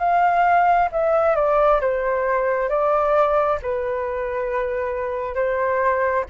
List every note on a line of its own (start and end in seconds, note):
0.00 0.90 F5
0.92 1.36 E5
1.36 1.81 D5
1.81 2.69 C5
2.69 3.59 D5
3.63 5.36 B4
5.36 6.25 C5